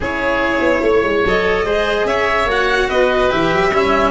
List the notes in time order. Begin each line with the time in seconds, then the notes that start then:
0.00 C#4 E4 G#4 C#5
0.60 B3
0.82 A3 C#5
1.03 G#3
1.24 F#3 A4 D#5
1.65 G#3 G#4 C5
2.04 C#4 C#5 E5
2.45 A#3 F#4 F#5
2.88 B3 B4 D#5
3.30 E3 G4 E5
3.53 F#3
3.71 G3 C#4 E4